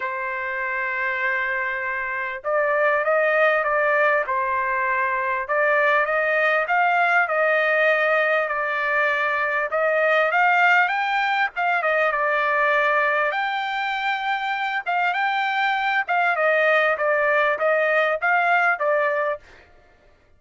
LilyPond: \new Staff \with { instrumentName = "trumpet" } { \time 4/4 \tempo 4 = 99 c''1 | d''4 dis''4 d''4 c''4~ | c''4 d''4 dis''4 f''4 | dis''2 d''2 |
dis''4 f''4 g''4 f''8 dis''8 | d''2 g''2~ | g''8 f''8 g''4. f''8 dis''4 | d''4 dis''4 f''4 d''4 | }